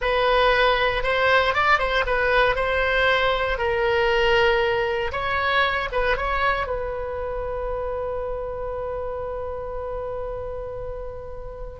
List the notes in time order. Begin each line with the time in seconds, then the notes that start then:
0.01 B4
1.03 C5
1.53 D5
1.78 C5
2.06 B4
2.55 C5
3.58 A#4
5.11 C#5
5.92 B4
6.16 C#5
6.66 B4